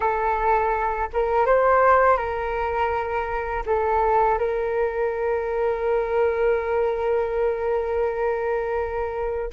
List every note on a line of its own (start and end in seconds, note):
0.00 1.09 A4
1.13 1.46 A#4
1.46 2.17 C5
2.17 3.63 A#4
3.66 4.38 A4
4.38 9.50 A#4